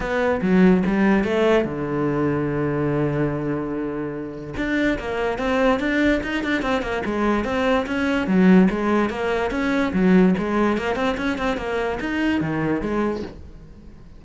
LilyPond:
\new Staff \with { instrumentName = "cello" } { \time 4/4 \tempo 4 = 145 b4 fis4 g4 a4 | d1~ | d2. d'4 | ais4 c'4 d'4 dis'8 d'8 |
c'8 ais8 gis4 c'4 cis'4 | fis4 gis4 ais4 cis'4 | fis4 gis4 ais8 c'8 cis'8 c'8 | ais4 dis'4 dis4 gis4 | }